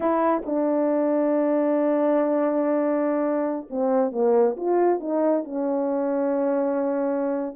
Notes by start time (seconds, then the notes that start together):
0.00 E4
0.45 D4
3.69 C4
4.11 A#3
4.56 F4
5.00 D#4
5.44 C#4